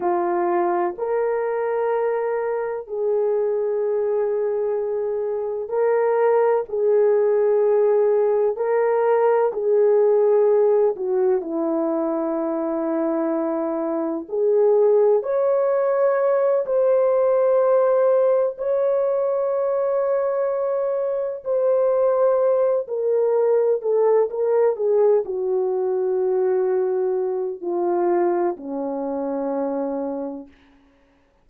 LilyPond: \new Staff \with { instrumentName = "horn" } { \time 4/4 \tempo 4 = 63 f'4 ais'2 gis'4~ | gis'2 ais'4 gis'4~ | gis'4 ais'4 gis'4. fis'8 | e'2. gis'4 |
cis''4. c''2 cis''8~ | cis''2~ cis''8 c''4. | ais'4 a'8 ais'8 gis'8 fis'4.~ | fis'4 f'4 cis'2 | }